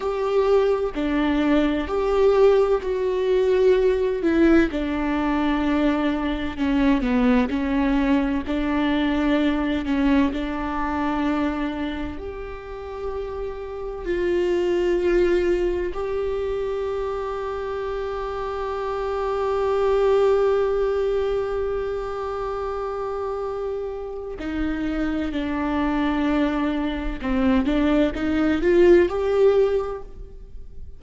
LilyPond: \new Staff \with { instrumentName = "viola" } { \time 4/4 \tempo 4 = 64 g'4 d'4 g'4 fis'4~ | fis'8 e'8 d'2 cis'8 b8 | cis'4 d'4. cis'8 d'4~ | d'4 g'2 f'4~ |
f'4 g'2.~ | g'1~ | g'2 dis'4 d'4~ | d'4 c'8 d'8 dis'8 f'8 g'4 | }